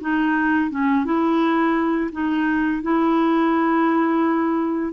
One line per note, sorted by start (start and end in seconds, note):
0.00 0.70 D#4
0.70 1.04 C#4
1.04 2.10 E4
2.11 2.82 D#4
2.82 4.93 E4